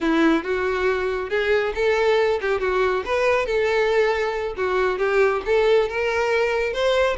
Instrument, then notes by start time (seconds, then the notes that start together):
violin
0.00 E4
0.43 F#4
1.29 G#4
1.74 A4
2.41 G4
2.60 F#4
3.05 B4
3.45 A4
4.56 F#4
4.98 G4
5.45 A4
5.89 A#4
6.73 C5